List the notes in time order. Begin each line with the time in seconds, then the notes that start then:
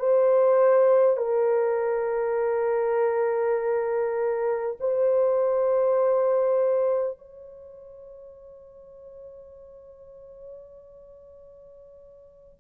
0.00 C5
1.17 A#4
4.81 C5
7.19 C#5